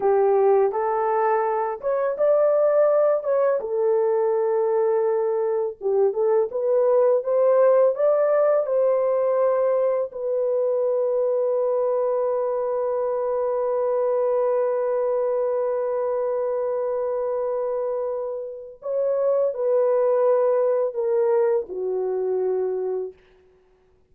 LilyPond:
\new Staff \with { instrumentName = "horn" } { \time 4/4 \tempo 4 = 83 g'4 a'4. cis''8 d''4~ | d''8 cis''8 a'2. | g'8 a'8 b'4 c''4 d''4 | c''2 b'2~ |
b'1~ | b'1~ | b'2 cis''4 b'4~ | b'4 ais'4 fis'2 | }